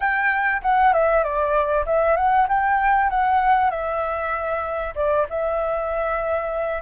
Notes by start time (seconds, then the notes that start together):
0.00 G5
0.62 F#5
0.93 E5
1.23 D5
1.86 E5
2.16 F#5
2.48 G5
3.10 F#5
3.70 E5
4.95 D5
5.29 E5